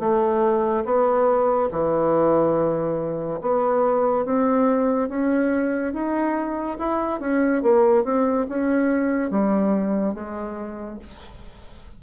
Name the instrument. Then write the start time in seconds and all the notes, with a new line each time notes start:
bassoon
0.00 A3
0.85 B3
1.71 E3
3.41 B3
4.25 C4
5.09 C#4
5.93 D#4
6.78 E4
7.20 C#4
7.63 A#3
8.04 C4
8.49 C#4
9.31 G3
10.14 G#3